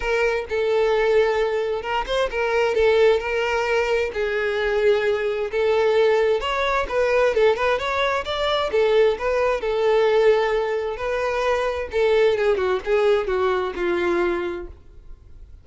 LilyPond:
\new Staff \with { instrumentName = "violin" } { \time 4/4 \tempo 4 = 131 ais'4 a'2. | ais'8 c''8 ais'4 a'4 ais'4~ | ais'4 gis'2. | a'2 cis''4 b'4 |
a'8 b'8 cis''4 d''4 a'4 | b'4 a'2. | b'2 a'4 gis'8 fis'8 | gis'4 fis'4 f'2 | }